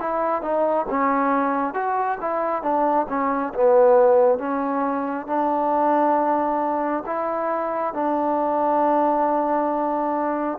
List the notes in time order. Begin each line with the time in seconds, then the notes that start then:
0.00 E4
0.43 D#4
0.89 C#4
1.74 F#4
2.21 E4
2.63 D4
3.09 C#4
3.55 B3
4.39 C#4
5.27 D4
7.06 E4
7.94 D4